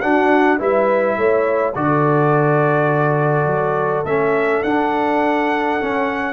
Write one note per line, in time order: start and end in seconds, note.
0.00 0.58 D4
0.00 0.59 D4
0.00 0.59 F#4
0.00 0.58 F#5
0.58 1.17 G3
0.58 1.73 E4
0.58 1.16 B4
0.58 1.74 E5
1.17 1.75 A3
1.17 1.75 C#5
1.74 3.46 D3
1.74 4.05 F#4
1.74 6.33 A4
1.74 4.05 D5
3.46 4.03 F#3
4.03 4.61 A3
4.03 4.65 C#4
4.03 4.62 E5
4.62 5.79 D4
4.62 5.80 D4
4.62 6.33 F#5
5.80 6.33 C#4